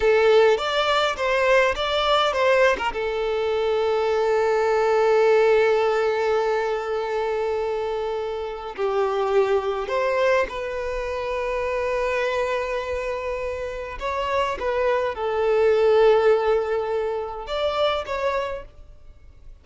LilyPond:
\new Staff \with { instrumentName = "violin" } { \time 4/4 \tempo 4 = 103 a'4 d''4 c''4 d''4 | c''8. ais'16 a'2.~ | a'1~ | a'2. g'4~ |
g'4 c''4 b'2~ | b'1 | cis''4 b'4 a'2~ | a'2 d''4 cis''4 | }